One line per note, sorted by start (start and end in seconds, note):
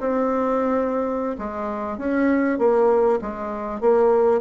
0.00 1.36 C4
1.38 1.98 G#3
1.98 2.59 C#4
2.59 3.19 A#3
3.21 3.81 G#3
3.81 4.41 A#3